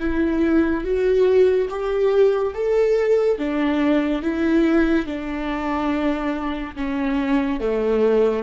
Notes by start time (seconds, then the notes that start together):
0.00 E4
0.84 F#4
1.69 G4
2.54 A4
3.38 D4
4.22 E4
5.07 D4
6.76 C#4
7.60 A3